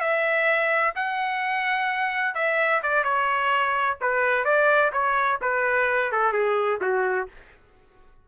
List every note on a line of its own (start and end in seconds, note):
0.00 0.94 E5
0.95 2.34 F#5
2.34 2.81 E5
2.82 3.03 D5
3.03 3.97 C#5
4.01 4.44 B4
4.44 4.91 D5
4.92 5.39 C#5
5.41 6.11 B4
6.12 6.32 A4
6.32 6.79 G#4
6.81 7.27 F#4